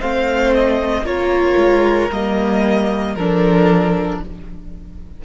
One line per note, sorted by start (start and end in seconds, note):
0.00 1.02 A3
0.00 1.05 C4
0.00 1.05 C5
0.00 0.53 F5
0.54 1.05 D#5
1.02 1.54 A#3
1.02 2.10 F4
1.02 3.16 A#4
1.02 2.11 C#5
1.57 2.09 G#3
2.09 3.14 G3
2.09 3.17 A#3
2.09 3.15 D#5
3.14 4.20 F3
3.14 4.24 D4
3.14 4.21 A4
3.14 4.20 A#4